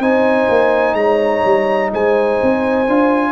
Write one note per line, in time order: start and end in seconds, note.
0.00 0.48 C4
0.00 2.87 D#4
0.00 0.97 C5
0.00 0.95 G#5
0.49 0.94 A#3
0.94 1.42 G#3
0.94 1.93 C#5
0.94 1.90 A#5
1.45 1.93 G3
1.93 2.41 G#3
1.93 3.32 C5
1.93 3.32 G#5
2.43 2.88 C4
2.88 3.32 D4
2.88 3.32 F4